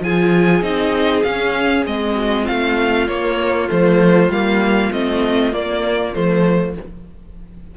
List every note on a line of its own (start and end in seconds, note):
0.00 0.61 F3
0.00 0.62 F4
0.00 2.15 G#4
0.00 0.63 G#5
0.61 1.23 C4
0.61 1.23 D#4
0.61 1.23 D#5
1.23 1.86 C#4
1.23 1.84 F5
1.86 2.47 G#3
1.86 3.08 C4
1.86 2.47 D#5
2.15 2.42 F#4
2.42 6.71 F4
2.42 3.08 F5
2.49 3.08 A3
3.08 3.69 A#3
3.08 3.68 A#3
3.08 3.69 C#5
3.68 4.28 F3
3.68 4.29 A3
3.68 4.31 C5
4.28 4.90 G3
4.28 4.92 A#3
4.28 4.92 F5
4.92 5.53 A3
4.92 5.52 C4
4.92 5.54 D#5
5.52 6.13 A#3
5.52 6.14 A#3
5.52 6.14 D5
6.14 6.77 F3
6.14 6.75 A3
6.14 6.75 C5